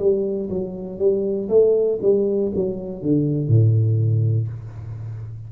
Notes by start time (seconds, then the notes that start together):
0.00 G3
0.50 F#3
0.99 G3
1.50 A3
2.02 G3
2.56 F#3
3.03 D3
3.48 A2